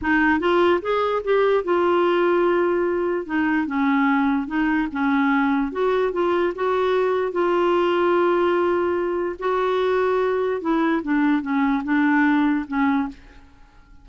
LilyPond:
\new Staff \with { instrumentName = "clarinet" } { \time 4/4 \tempo 4 = 147 dis'4 f'4 gis'4 g'4 | f'1 | dis'4 cis'2 dis'4 | cis'2 fis'4 f'4 |
fis'2 f'2~ | f'2. fis'4~ | fis'2 e'4 d'4 | cis'4 d'2 cis'4 | }